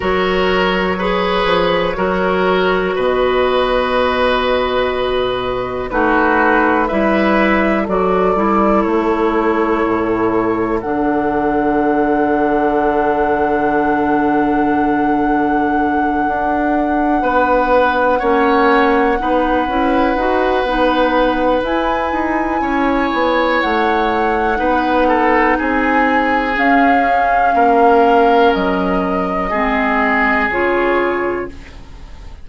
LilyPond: <<
  \new Staff \with { instrumentName = "flute" } { \time 4/4 \tempo 4 = 61 cis''2. dis''4~ | dis''2 b'4 e''4 | d''4 cis''2 fis''4~ | fis''1~ |
fis''1~ | fis''2 gis''2 | fis''2 gis''4 f''4~ | f''4 dis''2 cis''4 | }
  \new Staff \with { instrumentName = "oboe" } { \time 4/4 ais'4 b'4 ais'4 b'4~ | b'2 fis'4 b'4 | a'1~ | a'1~ |
a'4. b'4 cis''4 b'8~ | b'2. cis''4~ | cis''4 b'8 a'8 gis'2 | ais'2 gis'2 | }
  \new Staff \with { instrumentName = "clarinet" } { \time 4/4 fis'4 gis'4 fis'2~ | fis'2 dis'4 e'4 | fis'8 e'2~ e'8 d'4~ | d'1~ |
d'2~ d'8 cis'4 dis'8 | e'8 fis'8 dis'4 e'2~ | e'4 dis'2 cis'4~ | cis'2 c'4 f'4 | }
  \new Staff \with { instrumentName = "bassoon" } { \time 4/4 fis4. f8 fis4 b,4~ | b,2 a4 g4 | fis8 g8 a4 a,4 d4~ | d1~ |
d8 d'4 b4 ais4 b8 | cis'8 dis'8 b4 e'8 dis'8 cis'8 b8 | a4 b4 c'4 cis'4 | ais4 fis4 gis4 cis4 | }
>>